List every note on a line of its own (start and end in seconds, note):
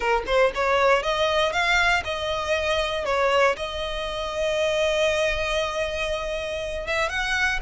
0.00 0.23 A#4
0.26 0.52 C5
0.55 1.02 C#5
1.02 1.52 D#5
1.52 2.03 F5
2.04 3.05 D#5
3.05 3.56 C#5
3.56 6.86 D#5
6.86 7.09 E5
7.09 7.59 F#5